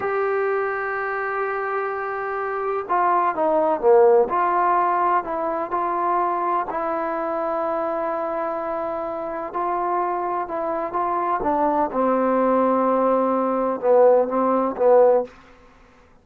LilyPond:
\new Staff \with { instrumentName = "trombone" } { \time 4/4 \tempo 4 = 126 g'1~ | g'2 f'4 dis'4 | ais4 f'2 e'4 | f'2 e'2~ |
e'1 | f'2 e'4 f'4 | d'4 c'2.~ | c'4 b4 c'4 b4 | }